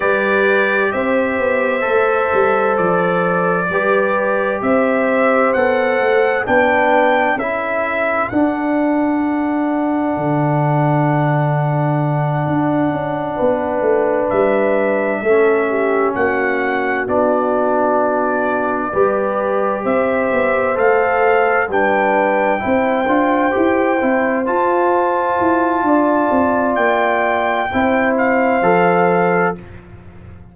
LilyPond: <<
  \new Staff \with { instrumentName = "trumpet" } { \time 4/4 \tempo 4 = 65 d''4 e''2 d''4~ | d''4 e''4 fis''4 g''4 | e''4 fis''2.~ | fis''2.~ fis''8 e''8~ |
e''4. fis''4 d''4.~ | d''4. e''4 f''4 g''8~ | g''2~ g''8 a''4.~ | a''4 g''4. f''4. | }
  \new Staff \with { instrumentName = "horn" } { \time 4/4 b'4 c''2. | b'4 c''2 b'4 | a'1~ | a'2~ a'8 b'4.~ |
b'8 a'8 g'8 fis'2~ fis'8~ | fis'8 b'4 c''2 b'8~ | b'8 c''2.~ c''8 | d''2 c''2 | }
  \new Staff \with { instrumentName = "trombone" } { \time 4/4 g'2 a'2 | g'2 a'4 d'4 | e'4 d'2.~ | d'1~ |
d'8 cis'2 d'4.~ | d'8 g'2 a'4 d'8~ | d'8 e'8 f'8 g'8 e'8 f'4.~ | f'2 e'4 a'4 | }
  \new Staff \with { instrumentName = "tuba" } { \time 4/4 g4 c'8 b8 a8 g8 f4 | g4 c'4 b8 a8 b4 | cis'4 d'2 d4~ | d4. d'8 cis'8 b8 a8 g8~ |
g8 a4 ais4 b4.~ | b8 g4 c'8 b8 a4 g8~ | g8 c'8 d'8 e'8 c'8 f'4 e'8 | d'8 c'8 ais4 c'4 f4 | }
>>